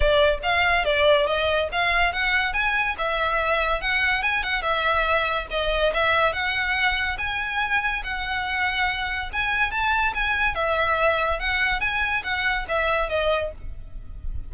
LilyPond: \new Staff \with { instrumentName = "violin" } { \time 4/4 \tempo 4 = 142 d''4 f''4 d''4 dis''4 | f''4 fis''4 gis''4 e''4~ | e''4 fis''4 gis''8 fis''8 e''4~ | e''4 dis''4 e''4 fis''4~ |
fis''4 gis''2 fis''4~ | fis''2 gis''4 a''4 | gis''4 e''2 fis''4 | gis''4 fis''4 e''4 dis''4 | }